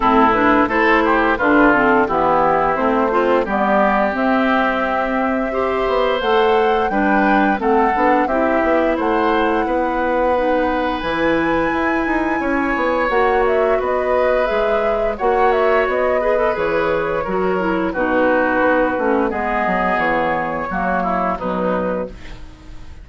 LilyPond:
<<
  \new Staff \with { instrumentName = "flute" } { \time 4/4 \tempo 4 = 87 a'8 b'8 c''4 b'8 a'8 g'4 | c''4 d''4 e''2~ | e''4 fis''4 g''4 fis''4 | e''4 fis''2. |
gis''2. fis''8 e''8 | dis''4 e''4 fis''8 e''8 dis''4 | cis''2 b'2 | dis''4 cis''2 b'4 | }
  \new Staff \with { instrumentName = "oboe" } { \time 4/4 e'4 a'8 g'8 f'4 e'4~ | e'8 c'8 g'2. | c''2 b'4 a'4 | g'4 c''4 b'2~ |
b'2 cis''2 | b'2 cis''4. b'8~ | b'4 ais'4 fis'2 | gis'2 fis'8 e'8 dis'4 | }
  \new Staff \with { instrumentName = "clarinet" } { \time 4/4 c'8 d'8 e'4 d'8 c'8 b4 | c'8 f'8 b4 c'2 | g'4 a'4 d'4 c'8 d'8 | e'2. dis'4 |
e'2. fis'4~ | fis'4 gis'4 fis'4. gis'16 a'16 | gis'4 fis'8 e'8 dis'4. cis'8 | b2 ais4 fis4 | }
  \new Staff \with { instrumentName = "bassoon" } { \time 4/4 a,4 a4 d4 e4 | a4 g4 c'2~ | c'8 b8 a4 g4 a8 b8 | c'8 b8 a4 b2 |
e4 e'8 dis'8 cis'8 b8 ais4 | b4 gis4 ais4 b4 | e4 fis4 b,4 b8 a8 | gis8 fis8 e4 fis4 b,4 | }
>>